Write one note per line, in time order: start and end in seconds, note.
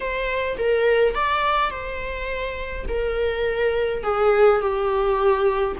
0.00 0.57 C5
0.58 1.14 A#4
1.14 1.70 D5
1.70 2.85 C5
2.88 4.03 A#4
4.03 4.60 G#4
4.60 5.76 G4